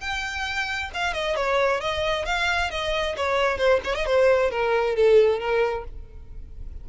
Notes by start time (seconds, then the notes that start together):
0.00 G5
0.94 F5
1.13 D#5
1.36 C#5
1.80 D#5
2.25 F5
2.70 D#5
3.17 C#5
3.58 C5
3.84 C#5
3.95 D#5
4.06 C5
4.51 A#4
4.96 A4
5.39 A#4